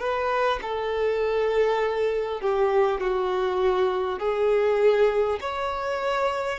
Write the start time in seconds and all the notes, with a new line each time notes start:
0.00 B4
0.62 A4
2.41 G4
3.01 F#4
4.19 G#4
5.41 C#5